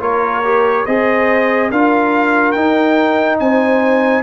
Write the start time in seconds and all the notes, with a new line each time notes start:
0.00 A#3 F4 A#4 C#5
0.44 G4
0.86 C4 G#4 C5 D#5
1.71 D4 F4 A#4 F5
2.52 D#4 G5
3.40 C4 C5 G#5